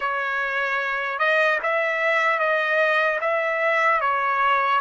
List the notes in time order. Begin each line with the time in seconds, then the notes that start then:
0.00 C#5
1.18 D#5
1.62 E5
2.39 D#5
3.20 E5
4.00 C#5